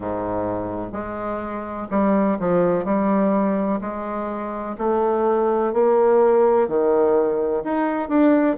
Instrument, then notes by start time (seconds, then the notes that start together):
bassoon
0.00 G#2
0.92 G#3
1.90 G3
2.39 F3
2.84 G3
3.81 G#3
4.78 A3
5.73 A#3
6.68 D#3
7.64 D#4
8.09 D4